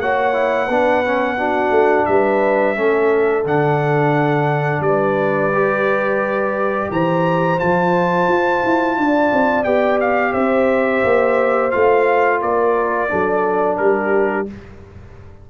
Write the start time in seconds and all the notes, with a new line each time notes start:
0.00 A#3 F#4 C#5 F#5
0.33 E4
0.66 B3 D4 B4
1.06 C#4
1.38 D4 F#4
1.71 A3
2.06 G3 B4 E5
2.76 A3 C#4 A4
3.45 D3 D4 F#5
4.80 G3 B4 D5
5.54 G4
6.91 E3 C5 A#5
7.59 F3 F4 A5
8.28 F4
8.64 E4
8.98 D4 D5
9.33 C4
9.64 B3 G4 G5
10.01 F5
10.32 C4 C5 E5
11.04 A#3
11.71 A3 F4 F5
12.42 A#3 A#4 D5
13.09 F#3 D4 A4
13.77 G3 G4 A#4